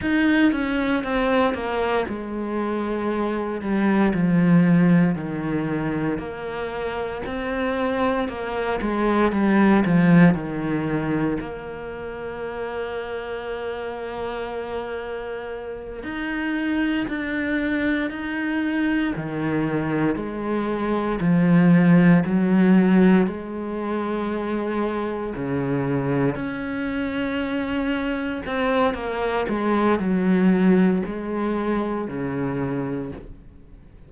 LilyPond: \new Staff \with { instrumentName = "cello" } { \time 4/4 \tempo 4 = 58 dis'8 cis'8 c'8 ais8 gis4. g8 | f4 dis4 ais4 c'4 | ais8 gis8 g8 f8 dis4 ais4~ | ais2.~ ais8 dis'8~ |
dis'8 d'4 dis'4 dis4 gis8~ | gis8 f4 fis4 gis4.~ | gis8 cis4 cis'2 c'8 | ais8 gis8 fis4 gis4 cis4 | }